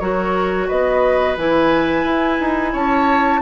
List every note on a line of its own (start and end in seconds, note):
0.00 0.69 F#3
0.00 1.37 F#4
0.00 0.68 A#4
0.00 0.68 C#5
0.68 1.37 B3
0.68 2.72 B4
0.68 1.37 D#5
1.37 2.05 E3
1.37 3.42 E4
1.37 2.75 G#5
2.05 2.39 E4
2.41 2.75 D#4
2.73 3.42 C#4
2.73 3.41 C#5
2.73 3.42 A5